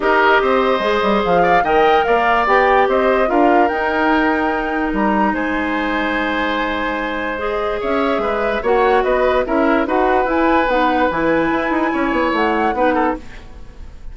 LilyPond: <<
  \new Staff \with { instrumentName = "flute" } { \time 4/4 \tempo 4 = 146 dis''2. f''4 | g''4 f''4 g''4 dis''4 | f''4 g''2. | ais''4 gis''2.~ |
gis''2 dis''4 e''4~ | e''4 fis''4 dis''4 e''4 | fis''4 gis''4 fis''4 gis''4~ | gis''2 fis''2 | }
  \new Staff \with { instrumentName = "oboe" } { \time 4/4 ais'4 c''2~ c''8 d''8 | dis''4 d''2 c''4 | ais'1~ | ais'4 c''2.~ |
c''2. cis''4 | b'4 cis''4 b'4 ais'4 | b'1~ | b'4 cis''2 b'8 a'8 | }
  \new Staff \with { instrumentName = "clarinet" } { \time 4/4 g'2 gis'2 | ais'2 g'2 | f'4 dis'2.~ | dis'1~ |
dis'2 gis'2~ | gis'4 fis'2 e'4 | fis'4 e'4 dis'4 e'4~ | e'2. dis'4 | }
  \new Staff \with { instrumentName = "bassoon" } { \time 4/4 dis'4 c'4 gis8 g8 f4 | dis4 ais4 b4 c'4 | d'4 dis'2. | g4 gis2.~ |
gis2. cis'4 | gis4 ais4 b4 cis'4 | dis'4 e'4 b4 e4 | e'8 dis'8 cis'8 b8 a4 b4 | }
>>